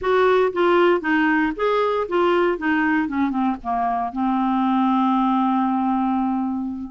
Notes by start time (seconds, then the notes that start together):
0.01 F#4
0.52 F4
1.00 D#4
1.55 G#4
2.08 F4
2.58 D#4
3.07 C#4
3.30 C4
3.63 A#3
4.12 C4